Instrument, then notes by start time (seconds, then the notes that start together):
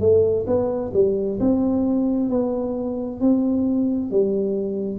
tuba
0.00 A3
0.47 B3
0.94 G3
1.40 C4
2.30 B3
3.21 C4
4.11 G3